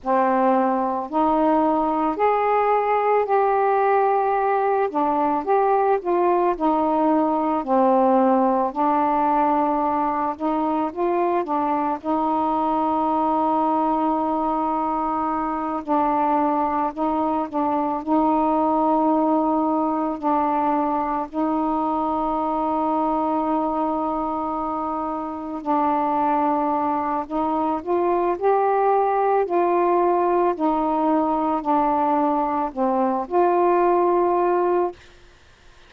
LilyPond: \new Staff \with { instrumentName = "saxophone" } { \time 4/4 \tempo 4 = 55 c'4 dis'4 gis'4 g'4~ | g'8 d'8 g'8 f'8 dis'4 c'4 | d'4. dis'8 f'8 d'8 dis'4~ | dis'2~ dis'8 d'4 dis'8 |
d'8 dis'2 d'4 dis'8~ | dis'2.~ dis'8 d'8~ | d'4 dis'8 f'8 g'4 f'4 | dis'4 d'4 c'8 f'4. | }